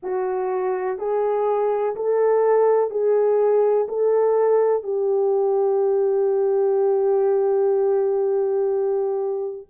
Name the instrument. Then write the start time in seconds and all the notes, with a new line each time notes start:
horn
0.02 F#4
0.98 G#4
1.95 A4
2.90 G#4
3.88 A4
4.83 G4